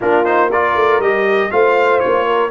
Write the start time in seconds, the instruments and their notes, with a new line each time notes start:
0.00 tuba A#3, trombone D4, horn F4, trumpet A#4
0.24 trombone D#4, trumpet C5
0.50 trombone F4, horn A#4, trumpet D5
0.75 tuba A3
0.99 tuba G3, trombone G4, trumpet D#5
1.50 tuba A3, trombone F4, horn C5, trumpet F5
1.99 trumpet C#5
2.06 tuba A#3
2.26 horn A#4